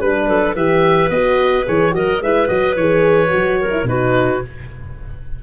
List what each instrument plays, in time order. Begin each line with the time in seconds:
0.00 tuba G3, horn D4, oboe B4, clarinet B4
0.28 tuba F#3, clarinet A4
0.55 tuba E3, horn G4, clarinet B4, oboe E5
1.09 tuba B3, horn F#4, oboe D#5
1.65 tuba E3, horn G#4, oboe C#5
1.91 tuba F#3, horn F#4, clarinet A#4, oboe D#5
2.21 tuba G#3, horn E4, clarinet B4, oboe E5
2.47 tuba F#3, horn F#4, oboe D#5
2.76 tuba E3, horn G#4, oboe C#5
3.27 horn F#4
3.34 tuba F#3
3.60 clarinet A#4
3.71 horn E4
3.83 tuba B2, horn D#4, clarinet F#4, oboe B4